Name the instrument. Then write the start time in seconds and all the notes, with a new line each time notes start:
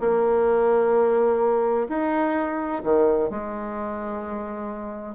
bassoon
0.00 A#3
1.89 D#4
2.83 D#3
3.30 G#3